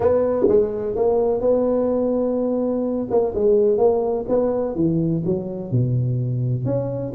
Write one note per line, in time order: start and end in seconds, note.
0.00 0.46 B3
0.48 0.95 G#3
0.95 1.40 A#3
1.40 3.07 B3
3.10 3.34 A#3
3.35 3.77 G#3
3.77 4.25 A#3
4.28 4.75 B3
4.75 5.22 E3
5.25 5.71 F#3
5.71 6.65 B2
6.65 7.12 C#4